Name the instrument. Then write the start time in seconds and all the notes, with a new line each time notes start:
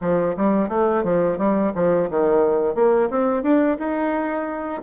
bassoon
0.01 F3
0.36 G3
0.69 A3
1.03 F3
1.38 G3
1.75 F3
2.09 D#3
2.74 A#3
3.09 C4
3.42 D4
3.78 D#4